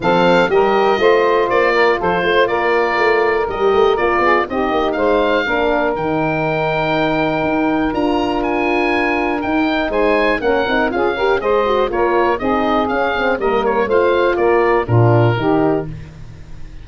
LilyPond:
<<
  \new Staff \with { instrumentName = "oboe" } { \time 4/4 \tempo 4 = 121 f''4 dis''2 d''4 | c''4 d''2 dis''4 | d''4 dis''4 f''2 | g''1 |
ais''4 gis''2 g''4 | gis''4 fis''4 f''4 dis''4 | cis''4 dis''4 f''4 dis''8 cis''8 | f''4 d''4 ais'2 | }
  \new Staff \with { instrumentName = "saxophone" } { \time 4/4 a'4 ais'4 c''4. ais'8 | a'8 c''8 ais'2.~ | ais'8 gis'8 g'4 c''4 ais'4~ | ais'1~ |
ais'1 | c''4 ais'4 gis'8 ais'8 c''4 | ais'4 gis'2 ais'4 | c''4 ais'4 f'4 g'4 | }
  \new Staff \with { instrumentName = "horn" } { \time 4/4 c'4 g'4 f'2~ | f'2. g'4 | f'4 dis'2 d'4 | dis'1 |
f'2. dis'4~ | dis'4 cis'8 dis'8 f'8 g'8 gis'8 fis'8 | f'4 dis'4 cis'8 c'8 ais4 | f'2 d'4 dis'4 | }
  \new Staff \with { instrumentName = "tuba" } { \time 4/4 f4 g4 a4 ais4 | f8 a8 ais4 a4 g8 a8 | ais8 b8 c'8 ais8 gis4 ais4 | dis2. dis'4 |
d'2. dis'4 | gis4 ais8 c'8 cis'4 gis4 | ais4 c'4 cis'4 g4 | a4 ais4 ais,4 dis4 | }
>>